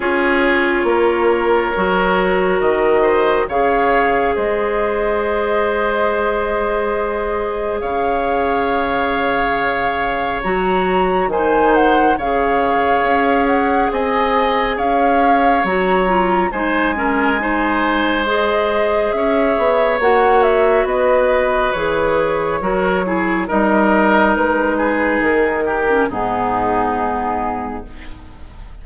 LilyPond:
<<
  \new Staff \with { instrumentName = "flute" } { \time 4/4 \tempo 4 = 69 cis''2. dis''4 | f''4 dis''2.~ | dis''4 f''2. | ais''4 gis''8 fis''8 f''4. fis''8 |
gis''4 f''4 ais''4 gis''4~ | gis''4 dis''4 e''4 fis''8 e''8 | dis''4 cis''2 dis''4 | b'4 ais'4 gis'2 | }
  \new Staff \with { instrumentName = "oboe" } { \time 4/4 gis'4 ais'2~ ais'8 c''8 | cis''4 c''2.~ | c''4 cis''2.~ | cis''4 c''4 cis''2 |
dis''4 cis''2 c''8 ais'8 | c''2 cis''2 | b'2 ais'8 gis'8 ais'4~ | ais'8 gis'4 g'8 dis'2 | }
  \new Staff \with { instrumentName = "clarinet" } { \time 4/4 f'2 fis'2 | gis'1~ | gis'1 | fis'4 dis'4 gis'2~ |
gis'2 fis'8 f'8 dis'8 cis'8 | dis'4 gis'2 fis'4~ | fis'4 gis'4 fis'8 e'8 dis'4~ | dis'4.~ dis'16 cis'16 b2 | }
  \new Staff \with { instrumentName = "bassoon" } { \time 4/4 cis'4 ais4 fis4 dis4 | cis4 gis2.~ | gis4 cis2. | fis4 dis4 cis4 cis'4 |
c'4 cis'4 fis4 gis4~ | gis2 cis'8 b8 ais4 | b4 e4 fis4 g4 | gis4 dis4 gis,2 | }
>>